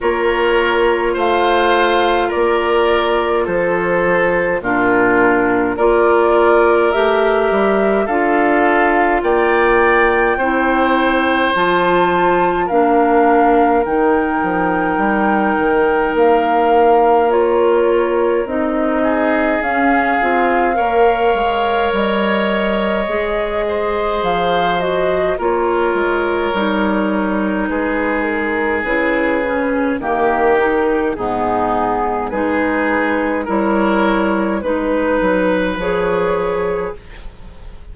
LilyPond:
<<
  \new Staff \with { instrumentName = "flute" } { \time 4/4 \tempo 4 = 52 cis''4 f''4 d''4 c''4 | ais'4 d''4 e''4 f''4 | g''2 a''4 f''4 | g''2 f''4 cis''4 |
dis''4 f''2 dis''4~ | dis''4 f''8 dis''8 cis''2 | b'8 ais'8 b'4 ais'4 gis'4 | b'4 cis''4 b'4 cis''4 | }
  \new Staff \with { instrumentName = "oboe" } { \time 4/4 ais'4 c''4 ais'4 a'4 | f'4 ais'2 a'4 | d''4 c''2 ais'4~ | ais'1~ |
ais'8 gis'4. cis''2~ | cis''8 c''4. ais'2 | gis'2 g'4 dis'4 | gis'4 ais'4 b'2 | }
  \new Staff \with { instrumentName = "clarinet" } { \time 4/4 f'1 | d'4 f'4 g'4 f'4~ | f'4 e'4 f'4 d'4 | dis'2. f'4 |
dis'4 cis'8 f'8 ais'2 | gis'4. fis'8 f'4 dis'4~ | dis'4 e'8 cis'8 ais8 dis'8 b4 | dis'4 e'4 dis'4 gis'4 | }
  \new Staff \with { instrumentName = "bassoon" } { \time 4/4 ais4 a4 ais4 f4 | ais,4 ais4 a8 g8 d'4 | ais4 c'4 f4 ais4 | dis8 f8 g8 dis8 ais2 |
c'4 cis'8 c'8 ais8 gis8 g4 | gis4 f4 ais8 gis8 g4 | gis4 cis4 dis4 gis,4 | gis4 g4 gis8 fis8 f4 | }
>>